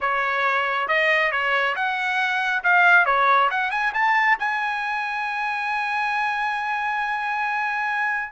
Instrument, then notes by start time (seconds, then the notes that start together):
trumpet
0.00 C#5
0.87 D#5
1.31 C#5
1.75 F#5
2.63 F5
3.05 C#5
3.50 F#5
3.70 G#5
3.93 A5
4.39 G#5